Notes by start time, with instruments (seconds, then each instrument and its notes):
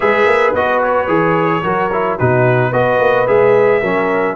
0.00 tuba G#3, trombone G#4, horn B4, trumpet E5
0.25 tuba A#3
0.53 tuba B3, trombone F#4, trumpet D#5
0.83 trumpet C#5
1.07 tuba E3, trombone G#4
1.62 tuba F#3, trombone F#4, horn A#4
1.92 trombone E4
2.18 tuba B2, trombone D#4, horn F#4, trumpet B4
2.71 tuba B3, trombone F#4, horn B4, trumpet D#5
2.99 tuba A#3
3.27 tuba G#3, trombone G#4, trumpet E5
3.80 tuba F#3, trombone C#4, horn A#4